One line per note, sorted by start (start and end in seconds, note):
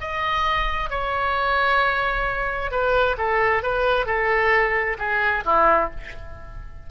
0.00 0.90 D#5
0.90 2.71 C#5
2.71 3.16 B4
3.17 3.63 A4
3.63 4.06 B4
4.06 4.97 A4
4.98 5.44 G#4
5.44 5.90 E4